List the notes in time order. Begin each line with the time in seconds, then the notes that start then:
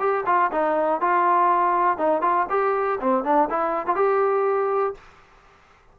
0.00 G4
0.26 F4
0.52 D#4
1.01 F4
1.98 D#4
2.22 F4
2.50 G4
3.01 C4
3.24 D4
3.50 E4
3.87 F4
3.96 G4